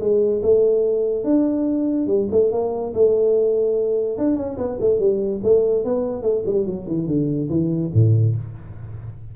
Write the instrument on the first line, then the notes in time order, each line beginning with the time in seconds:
tuba
0.00 G#3
0.43 A3
1.24 D4
2.07 G3
2.31 A3
2.52 A#3
2.94 A3
4.18 D4
4.36 C#4
4.57 B3
4.80 A3
4.99 G3
5.43 A3
5.84 B3
6.22 A3
6.46 G3
6.66 F#3
6.87 E3
7.07 D3
7.49 E3
7.94 A2